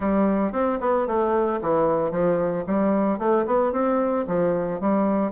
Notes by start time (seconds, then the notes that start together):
0.00 G3
0.52 C4
0.80 B3
1.07 A3
1.61 E3
2.11 F3
2.66 G3
3.19 A3
3.45 B3
3.72 C4
4.27 F3
4.80 G3